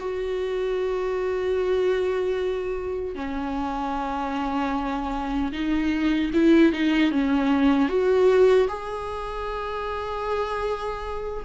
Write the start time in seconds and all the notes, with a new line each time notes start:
0.00 F#4
3.15 C#4
5.52 D#4
6.34 E4
6.73 D#4
7.12 C#4
7.89 F#4
8.69 G#4